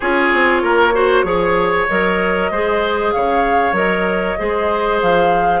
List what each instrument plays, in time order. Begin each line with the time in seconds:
0.00 bassoon C#4, clarinet F4, oboe G#4, flute C#5
0.33 bassoon C4
0.62 bassoon A#3, oboe A#4
0.93 clarinet F#4, oboe C5
1.23 bassoon F3, clarinet G#4, oboe C#5
1.88 bassoon F#3, clarinet A#4, flute D#5
2.50 bassoon G#3, clarinet G#4, oboe C5
3.11 bassoon C#3, oboe C#5, flute F5
3.72 bassoon F#3, clarinet A#4, flute D#5
4.38 bassoon G#3, clarinet G#4, oboe C5
5.01 bassoon F3, flute F5